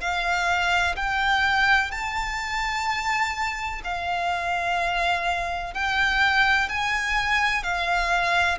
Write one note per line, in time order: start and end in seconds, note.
0.00 0.95 F5
0.96 1.91 G5
1.91 3.81 A5
3.84 5.74 F5
5.74 6.68 G5
6.68 7.63 G#5
7.63 8.58 F5